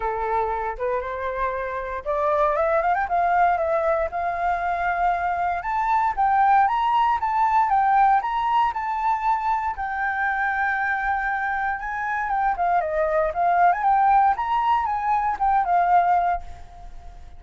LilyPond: \new Staff \with { instrumentName = "flute" } { \time 4/4 \tempo 4 = 117 a'4. b'8 c''2 | d''4 e''8 f''16 g''16 f''4 e''4 | f''2. a''4 | g''4 ais''4 a''4 g''4 |
ais''4 a''2 g''4~ | g''2. gis''4 | g''8 f''8 dis''4 f''8. gis''16 g''4 | ais''4 gis''4 g''8 f''4. | }